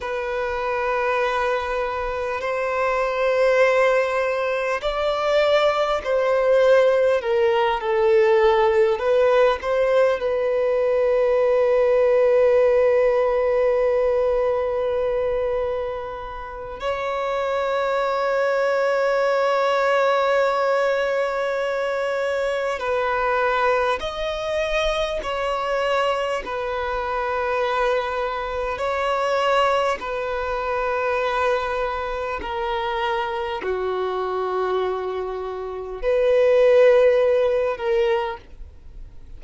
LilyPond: \new Staff \with { instrumentName = "violin" } { \time 4/4 \tempo 4 = 50 b'2 c''2 | d''4 c''4 ais'8 a'4 b'8 | c''8 b'2.~ b'8~ | b'2 cis''2~ |
cis''2. b'4 | dis''4 cis''4 b'2 | cis''4 b'2 ais'4 | fis'2 b'4. ais'8 | }